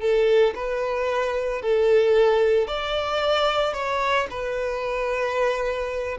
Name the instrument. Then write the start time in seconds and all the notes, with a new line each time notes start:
violin
0.00 A4
0.55 B4
1.62 A4
2.68 D5
3.73 C#5
4.30 B4